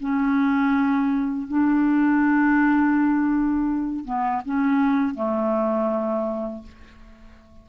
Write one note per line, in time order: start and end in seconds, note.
0.00 1.47 C#4
1.47 4.04 D4
4.04 4.42 B3
4.45 5.14 C#4
5.14 6.63 A3